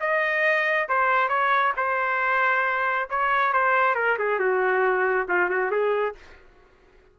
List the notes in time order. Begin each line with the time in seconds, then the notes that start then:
0.00 D#5
0.88 C5
1.29 C#5
1.77 C5
3.09 C#5
3.53 C5
3.95 A#4
4.19 G#4
4.39 F#4
5.28 F4
5.50 F#4
5.71 G#4